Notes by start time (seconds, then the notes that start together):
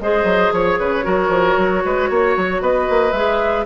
0.00 G#3 G#4 C5 D#5
0.23 F#3
0.52 F3 C#5
0.79 C#3 B4
1.03 F#3 F#4 A#4
1.28 F3
1.58 F#3
1.85 G#3 B4
2.09 A#3 C#5
2.36 F#3
2.61 B3 B4 D#5
2.90 A#3
3.12 G#3 G#4 E5